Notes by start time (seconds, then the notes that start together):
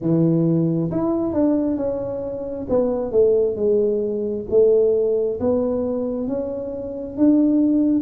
0.01 E3
0.91 E4
1.33 D4
1.77 C#4
2.69 B3
3.11 A3
3.56 G#3
4.50 A3
5.40 B3
6.27 C#4
7.16 D4